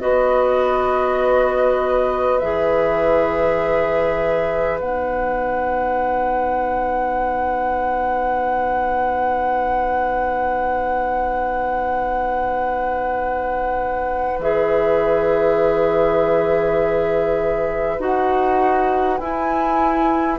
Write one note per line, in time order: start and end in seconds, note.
0.00 2.43 B3
0.00 2.40 F#4
0.00 20.39 B4
0.00 2.39 D#5
2.39 4.81 E3
2.39 4.80 G#4
2.39 4.79 E5
4.80 14.39 B3
4.80 14.40 D#4
4.80 14.41 F#5
14.39 17.99 E3
14.39 18.00 G#4
14.39 18.01 E5
17.99 19.19 D#4
17.99 19.20 F#4
17.99 19.18 F#5
19.18 20.39 E4
19.18 20.39 G#5